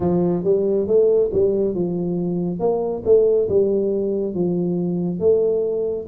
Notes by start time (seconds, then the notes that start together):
0.00 F3
0.43 G3
0.87 A3
1.33 G3
1.74 F3
2.59 A#3
3.05 A3
3.48 G3
4.34 F3
5.19 A3